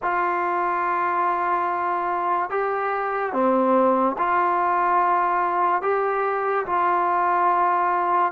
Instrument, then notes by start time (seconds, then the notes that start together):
trombone
0.02 F4
2.50 G4
3.32 C4
4.18 F4
5.82 G4
6.66 F4